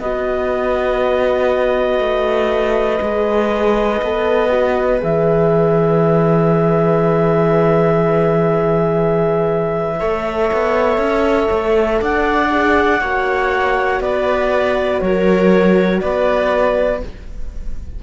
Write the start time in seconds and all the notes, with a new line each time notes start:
0.00 B3 F#4 B4 D#5
1.99 A3
3.01 G#3 G#4
4.02 B3 A4
4.50 F#4
4.99 E3 G#4 E5
9.99 A3 A4 C#5
10.53 B3
10.98 C#4
11.51 A3
12.01 D4 D5 F#5
12.50 G#4
13.01 A#3 F#4 C#5
14.00 B3 B4 D5
15.00 F#3 A#4 C#5
16.01 B3 B4 D5